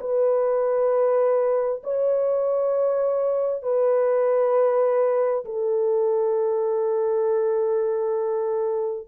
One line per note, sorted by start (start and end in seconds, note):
0.00 1.82 B4
1.83 3.62 C#5
3.62 5.44 B4
5.45 9.07 A4